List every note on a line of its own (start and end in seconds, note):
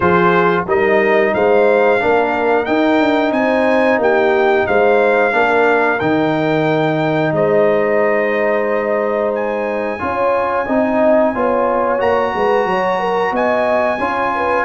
0.00 0.65 F3
0.00 0.67 F4
0.00 0.64 G#4
0.00 0.65 C5
0.66 1.33 G3
0.66 1.99 D#4
0.66 1.34 A#4
0.66 1.34 D#5
1.34 2.01 G#3
1.34 2.01 C5
1.34 2.65 F5
1.99 2.67 A#3
1.99 2.65 D4
1.99 3.34 A#4
2.65 5.32 D#4
2.65 3.00 D#4
2.65 3.32 G5
3.00 3.31 D4
3.31 3.97 C4
3.31 4.00 C5
3.31 3.99 G#5
3.97 4.64 A#3
3.97 4.67 G4
3.97 4.66 G5
4.66 5.32 G#3
4.66 5.33 C5
4.66 5.99 F5
5.32 5.99 A#3
5.32 5.98 D4
5.32 7.34 A#4
5.99 7.32 D#3
5.99 9.99 D#4
5.99 7.32 G5
7.32 9.98 G#3
7.32 10.01 C5
7.32 9.34 D#5
9.34 12.01 G#5
9.99 10.67 C#4
9.99 10.65 F4
9.99 10.65 C#5
10.65 11.34 C4
10.65 11.34 D#4
10.65 11.32 D#5
11.33 12.00 B3
11.33 11.98 F4
11.33 12.33 C#5
11.98 12.33 A#3
11.98 13.98 F#4
11.98 13.34 A#5
12.34 12.65 G#3
12.34 12.67 B4
12.65 13.31 F#3
12.65 12.99 C#5
12.99 13.32 A#4
13.31 13.98 B3
13.31 13.98 D#5
13.31 14.64 G#5
13.98 14.64 C#4
13.98 14.64 F4
13.98 14.32 C#5
14.34 14.64 B4